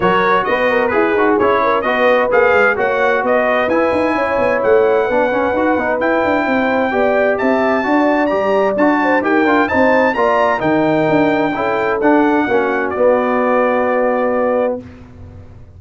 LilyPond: <<
  \new Staff \with { instrumentName = "trumpet" } { \time 4/4 \tempo 4 = 130 cis''4 dis''4 b'4 cis''4 | dis''4 f''4 fis''4 dis''4 | gis''2 fis''2~ | fis''4 g''2. |
a''2 ais''4 a''4 | g''4 a''4 ais''4 g''4~ | g''2 fis''2 | d''1 | }
  \new Staff \with { instrumentName = "horn" } { \time 4/4 ais'4 b'8 ais'8 gis'4. ais'8 | b'2 cis''4 b'4~ | b'4 cis''2 b'4~ | b'2 c''4 d''4 |
e''4 d''2~ d''8 c''8 | ais'4 c''4 d''4 ais'4~ | ais'4 a'2 fis'4~ | fis'1 | }
  \new Staff \with { instrumentName = "trombone" } { \time 4/4 fis'2 gis'8 fis'8 e'4 | fis'4 gis'4 fis'2 | e'2. d'8 cis'8 | fis'8 dis'8 e'2 g'4~ |
g'4 fis'4 g'4 fis'4 | g'8 f'8 dis'4 f'4 dis'4~ | dis'4 e'4 d'4 cis'4 | b1 | }
  \new Staff \with { instrumentName = "tuba" } { \time 4/4 fis4 b4 e'8 dis'8 cis'4 | b4 ais8 gis8 ais4 b4 | e'8 dis'8 cis'8 b8 a4 b8 cis'8 | dis'8 b8 e'8 d'8 c'4 b4 |
c'4 d'4 g4 d'4 | dis'8 d'8 c'4 ais4 dis4 | d'4 cis'4 d'4 ais4 | b1 | }
>>